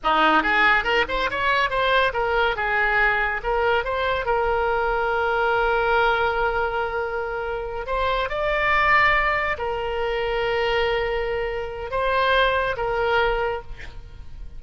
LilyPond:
\new Staff \with { instrumentName = "oboe" } { \time 4/4 \tempo 4 = 141 dis'4 gis'4 ais'8 c''8 cis''4 | c''4 ais'4 gis'2 | ais'4 c''4 ais'2~ | ais'1~ |
ais'2~ ais'8 c''4 d''8~ | d''2~ d''8 ais'4.~ | ais'1 | c''2 ais'2 | }